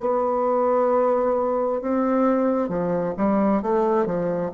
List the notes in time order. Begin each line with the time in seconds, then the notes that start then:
0.00 B3
1.81 C4
2.69 F3
3.17 G3
3.62 A3
4.05 F3